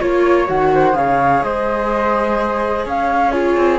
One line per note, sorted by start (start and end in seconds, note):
0.00 0.49 A#3
0.00 0.47 F4
0.00 0.48 C#5
0.00 0.72 C#5
0.47 0.95 D#3
0.47 0.93 F#4
0.47 0.96 F#5
0.74 0.97 C5
0.93 1.42 C#3
0.93 3.31 G#4
0.93 1.45 C#5
0.93 1.43 F5
1.43 2.85 G#3
1.43 2.85 C5
1.43 2.86 D#5
2.85 3.57 C#4
2.85 3.32 C#5
2.85 3.31 F5
3.31 3.79 F4
3.31 3.79 G#4
3.31 3.79 C#5
3.57 3.79 C4